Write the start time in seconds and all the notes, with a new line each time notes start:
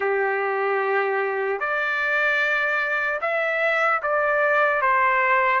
0.00 G4
1.60 D5
3.21 E5
4.02 D5
4.81 C5